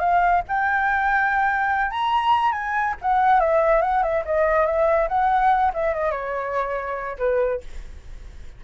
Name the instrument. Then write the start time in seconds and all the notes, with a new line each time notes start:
flute
0.00 F5
0.48 G5
1.91 A#5
2.53 G#5
3.02 F#5
3.41 E5
3.82 F#5
4.03 E5
4.26 D#5
4.66 E5
5.09 F#5
5.74 E5
5.94 D#5
6.12 C#5
7.19 B4